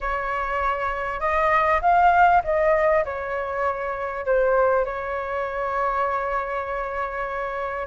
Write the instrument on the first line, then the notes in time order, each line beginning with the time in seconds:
flute
0.01 C#5
1.20 D#5
1.81 F5
2.44 D#5
3.05 C#5
4.25 C5
4.85 C#5